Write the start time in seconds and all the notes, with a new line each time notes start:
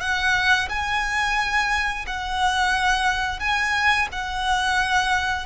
0.00 F#5
0.69 G#5
2.07 F#5
3.39 G#5
4.12 F#5